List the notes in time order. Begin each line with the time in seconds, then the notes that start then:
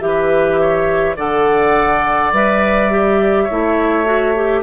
0.00 E3 G4 B4 E5
0.61 C#5
1.17 D3 A4 D5 F#5
2.33 G3 B4 E5
2.92 G4
3.44 E4 C#5
3.51 A3
4.05 F#4
4.35 G4